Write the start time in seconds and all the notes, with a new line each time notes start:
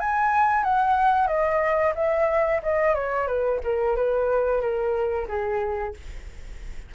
0.00 G#5
0.64 F#5
1.28 D#5
1.95 E5
2.63 D#5
2.95 C#5
3.27 B4
3.64 A#4
3.96 B4
4.61 A#4
5.28 G#4